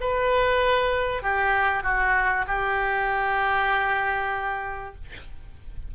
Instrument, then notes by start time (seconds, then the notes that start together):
oboe
0.00 B4
1.22 G4
1.83 F#4
2.47 G4